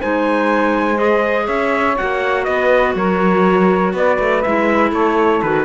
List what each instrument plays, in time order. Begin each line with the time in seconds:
0.00 cello G#3, clarinet D#4, saxophone C5, trumpet G#5
0.95 clarinet G#4, trumpet D#5
1.45 cello C#4, saxophone C#5, trumpet E5
1.97 cello A#3, clarinet F#4, trumpet F#5
2.44 cello B3, saxophone B4, trumpet D#5
2.95 cello F#3, saxophone A#4, trumpet C#5
3.93 cello B3, saxophone B4, trumpet D5
4.19 cello A3
4.41 cello G#3, clarinet E4, trumpet E5
4.91 cello A3, saxophone A4, trumpet C#5
5.42 cello D#3, clarinet F#4, trumpet B4